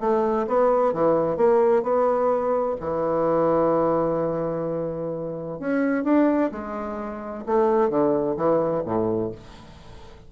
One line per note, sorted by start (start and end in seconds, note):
0.00 0.47 A3
0.47 0.93 B3
0.93 1.37 E3
1.37 1.83 A#3
1.83 2.76 B3
2.81 5.60 E3
5.60 6.04 C#4
6.04 6.51 D4
6.52 7.45 G#3
7.46 7.90 A3
7.90 8.36 D3
8.37 8.84 E3
8.85 9.32 A2